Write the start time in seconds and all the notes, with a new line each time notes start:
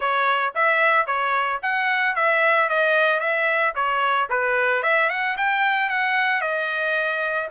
0.00 C#5
0.54 E5
1.06 C#5
1.62 F#5
2.15 E5
2.69 D#5
3.19 E5
3.75 C#5
4.29 B4
4.83 E5
5.09 F#5
5.37 G5
5.89 F#5
6.41 D#5